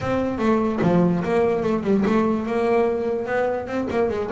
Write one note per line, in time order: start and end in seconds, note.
0.00 0.38 C4
0.38 0.79 A3
0.82 1.23 F3
1.23 1.63 A#3
1.63 1.83 A3
1.83 2.03 G3
2.05 2.46 A3
2.46 3.26 A#3
3.26 3.67 B3
3.67 3.87 C4
3.90 4.09 A#3
4.09 4.29 G#3